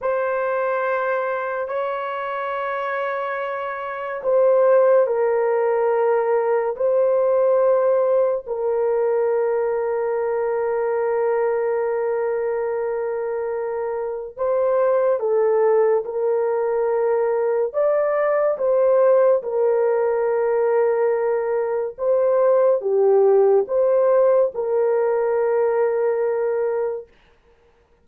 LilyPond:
\new Staff \with { instrumentName = "horn" } { \time 4/4 \tempo 4 = 71 c''2 cis''2~ | cis''4 c''4 ais'2 | c''2 ais'2~ | ais'1~ |
ais'4 c''4 a'4 ais'4~ | ais'4 d''4 c''4 ais'4~ | ais'2 c''4 g'4 | c''4 ais'2. | }